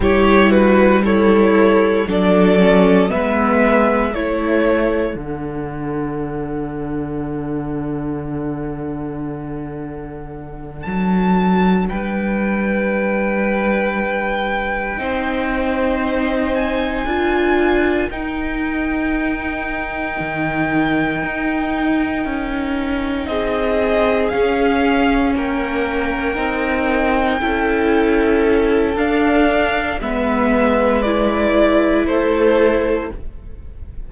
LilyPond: <<
  \new Staff \with { instrumentName = "violin" } { \time 4/4 \tempo 4 = 58 cis''8 b'8 cis''4 d''4 e''4 | cis''4 fis''2.~ | fis''2~ fis''8 a''4 g''8~ | g''1 |
gis''4. g''2~ g''8~ | g''2~ g''8 dis''4 f''8~ | f''8 g''2.~ g''8 | f''4 e''4 d''4 c''4 | }
  \new Staff \with { instrumentName = "violin" } { \time 4/4 g'8 fis'8 e'4 a'4 b'4 | a'1~ | a'2.~ a'8 b'8~ | b'2~ b'8 c''4.~ |
c''8 ais'2.~ ais'8~ | ais'2~ ais'8 gis'4.~ | gis'8 ais'2 a'4.~ | a'4 b'2 a'4 | }
  \new Staff \with { instrumentName = "viola" } { \time 4/4 e'4 a'4 d'8 cis'8 b4 | e'4 d'2.~ | d'1~ | d'2~ d'8 dis'4.~ |
dis'8 f'4 dis'2~ dis'8~ | dis'2.~ dis'8 cis'8~ | cis'4. dis'4 e'4. | d'4 b4 e'2 | }
  \new Staff \with { instrumentName = "cello" } { \time 4/4 g2 fis4 gis4 | a4 d2.~ | d2~ d8 fis4 g8~ | g2~ g8 c'4.~ |
c'8 d'4 dis'2 dis8~ | dis8 dis'4 cis'4 c'4 cis'8~ | cis'8 ais4 c'4 cis'4. | d'4 gis2 a4 | }
>>